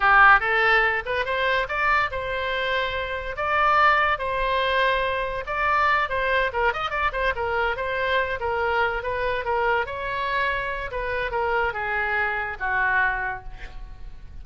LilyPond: \new Staff \with { instrumentName = "oboe" } { \time 4/4 \tempo 4 = 143 g'4 a'4. b'8 c''4 | d''4 c''2. | d''2 c''2~ | c''4 d''4. c''4 ais'8 |
dis''8 d''8 c''8 ais'4 c''4. | ais'4. b'4 ais'4 cis''8~ | cis''2 b'4 ais'4 | gis'2 fis'2 | }